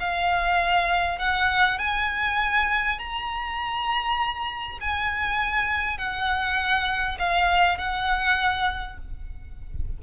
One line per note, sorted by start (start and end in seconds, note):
0.00 1.19 F5
1.19 1.79 F#5
1.79 2.99 G#5
2.99 4.79 A#5
4.81 5.98 G#5
5.98 7.18 F#5
7.19 7.78 F5
7.78 8.98 F#5